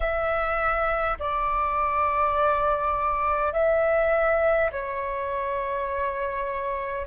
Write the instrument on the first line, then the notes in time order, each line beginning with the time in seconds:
flute
0.00 E5
1.19 D5
3.52 E5
4.71 C#5